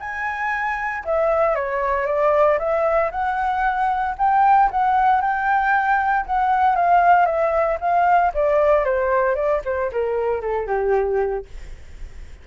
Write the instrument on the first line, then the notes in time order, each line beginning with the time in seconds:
flute
0.00 G#5
1.05 E5
1.56 C#5
2.07 D5
2.59 E5
3.12 F#5
4.18 G5
4.71 F#5
5.22 G5
6.27 F#5
6.76 F5
7.26 E5
7.81 F5
8.35 D5
8.85 C5
9.36 D5
9.65 C5
9.92 A#4
10.42 A4
10.67 G4